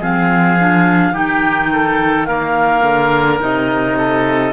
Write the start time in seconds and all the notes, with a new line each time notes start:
0.00 F3 C4 G#4 F5
0.59 D4
1.12 D#3 D#4 G4 G5
1.73 A4
2.25 A#3 A#4 F5
2.83 D3
3.40 C3 D#4 D#5
3.98 A4